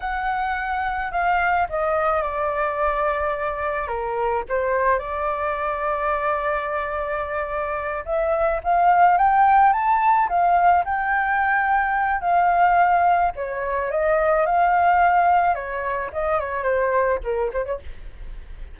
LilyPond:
\new Staff \with { instrumentName = "flute" } { \time 4/4 \tempo 4 = 108 fis''2 f''4 dis''4 | d''2. ais'4 | c''4 d''2.~ | d''2~ d''8 e''4 f''8~ |
f''8 g''4 a''4 f''4 g''8~ | g''2 f''2 | cis''4 dis''4 f''2 | cis''4 dis''8 cis''8 c''4 ais'8 c''16 cis''16 | }